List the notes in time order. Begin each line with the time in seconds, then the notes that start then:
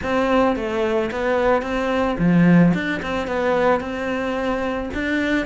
0.02 C4
0.56 A3
1.11 B3
1.62 C4
2.18 F3
2.74 D4
3.02 C4
3.27 B3
3.80 C4
4.93 D4